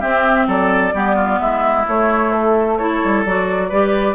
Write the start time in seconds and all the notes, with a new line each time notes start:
0.00 C4 G4 E5
0.47 F#3 A4 D5
0.93 G3 B3 G4
1.15 F4
1.39 G#3 E4 E5
1.87 A3 C#5
2.32 A4
2.78 E4 A4 C#5
3.04 G3
3.25 F#3 F#4 D5
3.68 G3 G4 B4